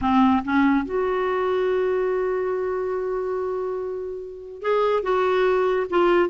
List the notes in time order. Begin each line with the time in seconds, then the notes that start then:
0.01 C4
0.44 C#4
0.85 F#4
4.62 G#4
5.02 F#4
5.90 F4